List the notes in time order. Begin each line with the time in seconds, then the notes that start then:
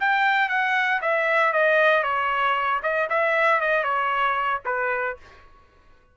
0.00 G5
0.49 F#5
1.02 E5
1.53 D#5
2.03 C#5
2.83 D#5
3.10 E5
3.61 D#5
3.84 C#5
4.65 B4